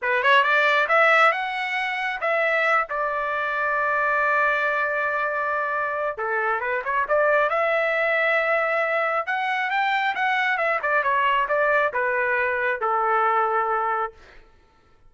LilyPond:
\new Staff \with { instrumentName = "trumpet" } { \time 4/4 \tempo 4 = 136 b'8 cis''8 d''4 e''4 fis''4~ | fis''4 e''4. d''4.~ | d''1~ | d''2 a'4 b'8 cis''8 |
d''4 e''2.~ | e''4 fis''4 g''4 fis''4 | e''8 d''8 cis''4 d''4 b'4~ | b'4 a'2. | }